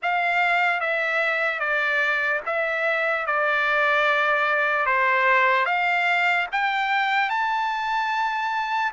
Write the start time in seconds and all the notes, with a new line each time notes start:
0.02 F5
0.80 E5
1.59 D5
2.45 E5
3.26 D5
4.86 C5
5.65 F5
6.52 G5
7.29 A5